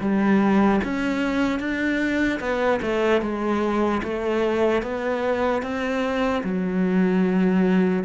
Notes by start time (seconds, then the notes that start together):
0.00 G3
0.84 C#4
1.59 D4
2.40 B3
2.82 A3
3.21 G#3
4.03 A3
4.82 B3
5.62 C4
6.43 F#3